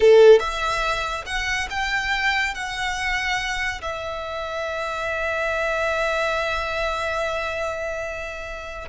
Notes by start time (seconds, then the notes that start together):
0.00 A4
0.39 E5
1.26 F#5
1.70 G5
2.54 F#5
3.81 E5